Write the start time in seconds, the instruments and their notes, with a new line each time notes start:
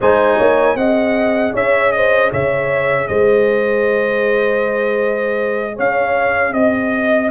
0.00 tuba G#3, trombone D#4, horn C5, trumpet G#5
0.36 tuba A#3, horn C#5
0.75 tuba C4, trombone G#4, horn D#5, trumpet F#5
1.53 tuba C#4, horn C#5, trumpet E5
1.92 horn C5, trumpet D#5
2.31 tuba C#3, horn C#5, trumpet E5
3.07 tuba G#3, horn C5, trumpet D#5
5.75 tuba C#4, horn C#5, trumpet F5
6.53 tuba C4, trumpet D#5, horn D#5